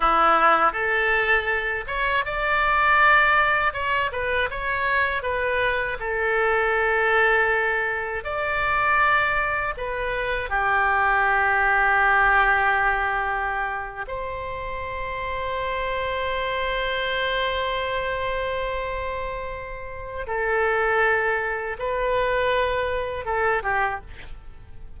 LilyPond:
\new Staff \with { instrumentName = "oboe" } { \time 4/4 \tempo 4 = 80 e'4 a'4. cis''8 d''4~ | d''4 cis''8 b'8 cis''4 b'4 | a'2. d''4~ | d''4 b'4 g'2~ |
g'2~ g'8. c''4~ c''16~ | c''1~ | c''2. a'4~ | a'4 b'2 a'8 g'8 | }